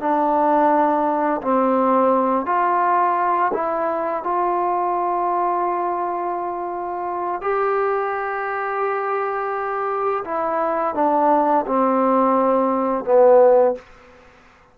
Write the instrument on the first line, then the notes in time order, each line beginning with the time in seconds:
trombone
0.00 D4
1.42 C4
2.46 F4
3.54 E4
4.24 F4
7.41 G4
10.25 E4
10.95 D4
11.67 C4
13.05 B3